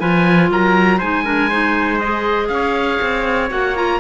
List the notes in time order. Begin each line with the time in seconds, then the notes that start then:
0.00 F3 F4 B4 G#5
0.51 F#3 A#4 A#5
0.98 G#3 D#4 C5 G#5
1.25 D4 A#4
1.50 D#4 C5
2.00 G#4 D#5
2.48 C#4 C#5 F5
3.02 C4
3.50 A#3 F#4 F#5
3.76 F4 A#5